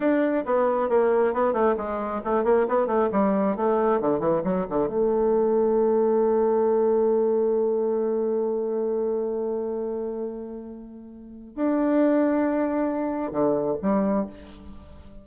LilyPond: \new Staff \with { instrumentName = "bassoon" } { \time 4/4 \tempo 4 = 135 d'4 b4 ais4 b8 a8 | gis4 a8 ais8 b8 a8 g4 | a4 d8 e8 fis8 d8 a4~ | a1~ |
a1~ | a1~ | a2 d'2~ | d'2 d4 g4 | }